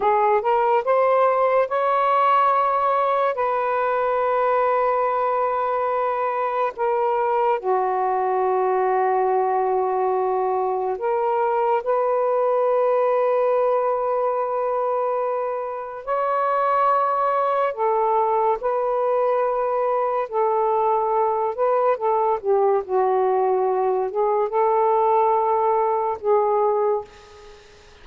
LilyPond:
\new Staff \with { instrumentName = "saxophone" } { \time 4/4 \tempo 4 = 71 gis'8 ais'8 c''4 cis''2 | b'1 | ais'4 fis'2.~ | fis'4 ais'4 b'2~ |
b'2. cis''4~ | cis''4 a'4 b'2 | a'4. b'8 a'8 g'8 fis'4~ | fis'8 gis'8 a'2 gis'4 | }